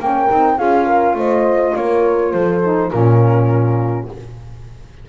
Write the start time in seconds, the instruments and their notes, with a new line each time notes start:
0.00 double bass A#3, saxophone C#4, horn A#4, flute G5
0.30 double bass C4, saxophone D#4
0.58 double bass C#4, saxophone F4, horn G#4, flute F5
0.87 horn A#4
1.15 double bass A3, horn C5, flute D#5
1.76 double bass A#3, horn A#4, flute C#5
2.33 double bass F3, horn A4, flute C5
2.63 saxophone D#4
2.91 double bass A#2, saxophone C#4, horn F4, flute A#4